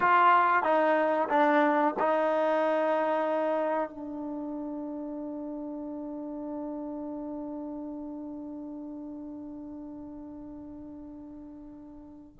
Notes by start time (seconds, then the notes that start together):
0.00 F4
0.63 D#4
1.29 D4
1.99 D#4
3.89 D4